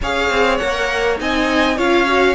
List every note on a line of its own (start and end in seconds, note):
0.01 0.30 C#4
0.01 0.60 G#4
0.01 1.20 C#5
0.01 0.57 F5
0.30 0.59 C4
0.57 1.20 A#3
0.57 1.17 A#4
0.57 1.16 F#5
1.17 1.77 C4
1.17 1.76 D#4
1.17 1.77 D#5
1.17 1.78 G#5
1.77 2.35 C#4
1.77 2.06 F4
1.77 2.35 C#5
1.77 2.35 F5
2.06 2.35 F#4